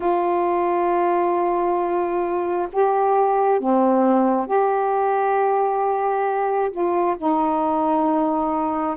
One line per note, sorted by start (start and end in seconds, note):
0.00 2.68 F4
2.72 3.60 G4
3.60 4.47 C4
4.47 6.70 G4
6.71 7.16 F4
7.17 8.96 D#4